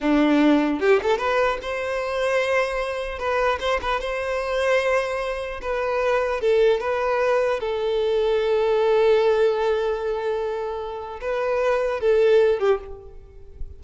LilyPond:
\new Staff \with { instrumentName = "violin" } { \time 4/4 \tempo 4 = 150 d'2 g'8 a'8 b'4 | c''1 | b'4 c''8 b'8 c''2~ | c''2 b'2 |
a'4 b'2 a'4~ | a'1~ | a'1 | b'2 a'4. g'8 | }